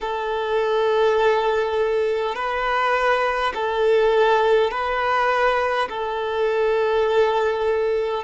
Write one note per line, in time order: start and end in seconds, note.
0.00 2.35 A4
2.35 3.52 B4
3.54 4.71 A4
4.71 5.88 B4
5.89 8.24 A4